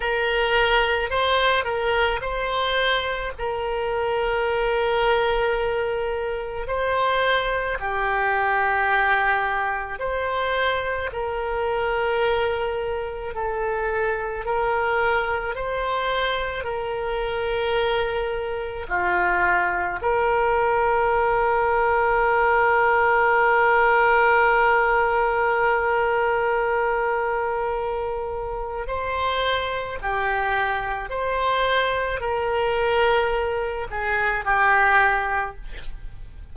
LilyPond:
\new Staff \with { instrumentName = "oboe" } { \time 4/4 \tempo 4 = 54 ais'4 c''8 ais'8 c''4 ais'4~ | ais'2 c''4 g'4~ | g'4 c''4 ais'2 | a'4 ais'4 c''4 ais'4~ |
ais'4 f'4 ais'2~ | ais'1~ | ais'2 c''4 g'4 | c''4 ais'4. gis'8 g'4 | }